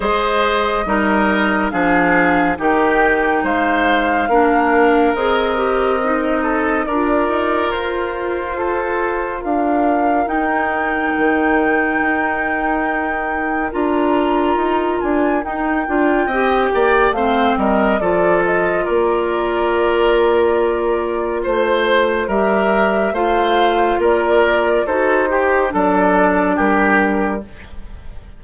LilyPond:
<<
  \new Staff \with { instrumentName = "flute" } { \time 4/4 \tempo 4 = 70 dis''2 f''4 g''4 | f''2 dis''2 | d''4 c''2 f''4 | g''1 |
ais''4. gis''8 g''2 | f''8 dis''8 d''8 dis''8 d''2~ | d''4 c''4 e''4 f''4 | d''4 c''4 d''4 ais'4 | }
  \new Staff \with { instrumentName = "oboe" } { \time 4/4 c''4 ais'4 gis'4 g'4 | c''4 ais'2~ ais'8 a'8 | ais'2 a'4 ais'4~ | ais'1~ |
ais'2. dis''8 d''8 | c''8 ais'8 a'4 ais'2~ | ais'4 c''4 ais'4 c''4 | ais'4 a'8 g'8 a'4 g'4 | }
  \new Staff \with { instrumentName = "clarinet" } { \time 4/4 gis'4 dis'4 d'4 dis'4~ | dis'4 d'4 gis'8 g'8 dis'4 | f'1 | dis'1 |
f'2 dis'8 f'8 g'4 | c'4 f'2.~ | f'2 g'4 f'4~ | f'4 fis'8 g'8 d'2 | }
  \new Staff \with { instrumentName = "bassoon" } { \time 4/4 gis4 g4 f4 dis4 | gis4 ais4 c'2 | d'8 dis'8 f'2 d'4 | dis'4 dis4 dis'2 |
d'4 dis'8 d'8 dis'8 d'8 c'8 ais8 | a8 g8 f4 ais2~ | ais4 a4 g4 a4 | ais4 dis'4 fis4 g4 | }
>>